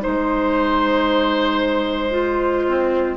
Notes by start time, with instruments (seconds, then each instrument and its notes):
0.00 clarinet D#4, oboe C5, flute C5
0.07 bassoon G#3
2.11 clarinet F4
2.68 oboe C4